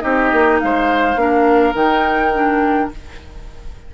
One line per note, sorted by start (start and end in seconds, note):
0.00 0.32 C4
0.00 1.15 D#4
0.00 0.61 G4
0.00 0.58 D#5
0.32 0.61 A#3
0.60 1.16 G#3
0.60 1.21 C5
0.60 1.75 F5
1.16 1.74 A#3
1.16 1.74 D4
1.16 2.94 A#4
1.74 2.90 D#3
1.74 2.32 D#4
1.74 2.91 G5
2.34 2.92 D4